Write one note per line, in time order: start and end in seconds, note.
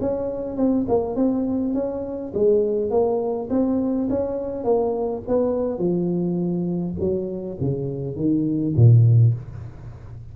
0.00 0.56 C#4
0.56 0.86 C4
0.88 1.15 A#3
1.15 1.73 C4
1.73 2.32 C#4
2.34 2.90 G#3
2.90 3.48 A#3
3.50 4.08 C4
4.09 4.64 C#4
4.64 5.22 A#3
5.27 5.78 B3
5.78 6.94 F3
6.99 7.57 F#3
7.60 8.16 C#3
8.16 8.74 D#3
8.75 9.34 A#2